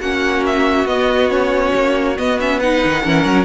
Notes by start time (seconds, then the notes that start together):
0.00 A#3 C#4 F#4 F#5
0.46 E5
0.85 B3 D#5
1.29 C#4 C#5
1.74 A#3
2.16 B3 D#5
2.39 C#4 E5
2.59 D#4 B4 F#5
2.84 D#3
3.03 E3 C#4 A#4
3.24 F#3